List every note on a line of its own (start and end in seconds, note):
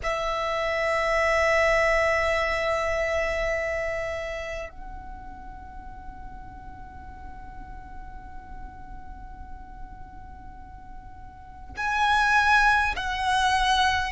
0.03 4.69 E5
4.69 11.75 F#5
11.76 12.94 G#5
12.96 14.11 F#5